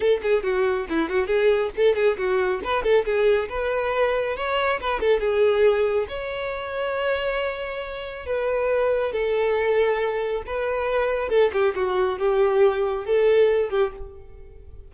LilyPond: \new Staff \with { instrumentName = "violin" } { \time 4/4 \tempo 4 = 138 a'8 gis'8 fis'4 e'8 fis'8 gis'4 | a'8 gis'8 fis'4 b'8 a'8 gis'4 | b'2 cis''4 b'8 a'8 | gis'2 cis''2~ |
cis''2. b'4~ | b'4 a'2. | b'2 a'8 g'8 fis'4 | g'2 a'4. g'8 | }